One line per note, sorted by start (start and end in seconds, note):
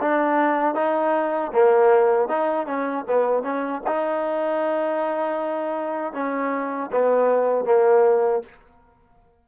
0.00 0.74 D4
0.74 1.51 D#4
1.53 2.28 A#3
2.28 2.66 D#4
2.66 3.05 C#4
3.07 3.43 B3
3.43 3.81 C#4
3.86 6.13 D#4
6.13 6.90 C#4
6.92 7.65 B3
7.65 8.42 A#3